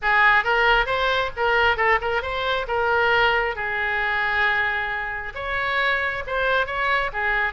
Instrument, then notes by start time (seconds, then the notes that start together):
oboe
0.02 G#4
0.44 A#4
0.86 C5
1.36 A#4
1.76 A4
2.01 A#4
2.22 C5
2.67 A#4
3.55 G#4
5.34 C#5
6.26 C5
6.66 C#5
7.12 G#4